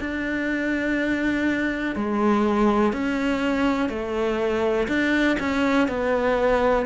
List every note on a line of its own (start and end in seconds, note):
0.00 1.95 D4
1.95 2.93 G#3
2.93 3.89 C#4
3.89 4.88 A3
4.88 5.37 D4
5.40 5.88 C#4
5.88 6.86 B3